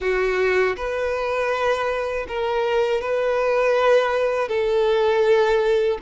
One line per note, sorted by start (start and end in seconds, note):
0.00 0.75 F#4
0.76 2.26 B4
2.28 3.01 A#4
3.01 4.48 B4
4.48 5.98 A4